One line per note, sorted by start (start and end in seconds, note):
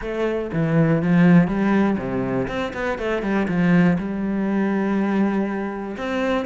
0.01 0.50 A3
0.52 1.02 E3
1.02 1.47 F3
1.47 1.97 G3
1.97 2.47 C3
2.48 2.73 C4
2.73 2.98 B3
2.98 3.22 A3
3.22 3.47 G3
3.48 3.97 F3
3.98 5.96 G3
5.97 6.45 C4